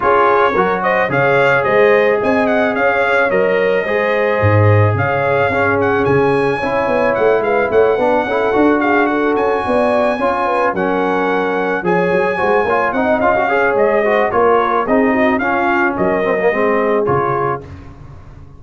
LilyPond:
<<
  \new Staff \with { instrumentName = "trumpet" } { \time 4/4 \tempo 4 = 109 cis''4. dis''8 f''4 dis''4 | gis''8 fis''8 f''4 dis''2~ | dis''4 f''4. fis''8 gis''4~ | gis''4 fis''8 f''8 fis''2 |
f''8 fis''8 gis''2~ gis''8 fis''8~ | fis''4. gis''2 fis''8 | f''4 dis''4 cis''4 dis''4 | f''4 dis''2 cis''4 | }
  \new Staff \with { instrumentName = "horn" } { \time 4/4 gis'4 ais'8 c''8 cis''4 c''4 | dis''4 cis''2 c''4~ | c''4 cis''4 gis'2 | cis''4. b'8 cis''8 b'8 a'4 |
gis'8 a'4 d''4 cis''8 b'8 ais'8~ | ais'4. cis''4 c''8 cis''8 dis''8~ | dis''8 cis''4 c''8 ais'4 gis'8 fis'8 | f'4 ais'4 gis'2 | }
  \new Staff \with { instrumentName = "trombone" } { \time 4/4 f'4 fis'4 gis'2~ | gis'2 ais'4 gis'4~ | gis'2 cis'2 | e'2~ e'8 d'8 e'8 fis'8~ |
fis'2~ fis'8 f'4 cis'8~ | cis'4. gis'4 fis'8 f'8 dis'8 | f'16 fis'16 gis'4 fis'8 f'4 dis'4 | cis'4. c'16 ais16 c'4 f'4 | }
  \new Staff \with { instrumentName = "tuba" } { \time 4/4 cis'4 fis4 cis4 gis4 | c'4 cis'4 fis4 gis4 | gis,4 cis4 cis'4 cis4 | cis'8 b8 a8 gis8 a8 b8 cis'8 d'8~ |
d'4 cis'8 b4 cis'4 fis8~ | fis4. f8 fis8 gis8 ais8 c'8 | cis'4 gis4 ais4 c'4 | cis'4 fis4 gis4 cis4 | }
>>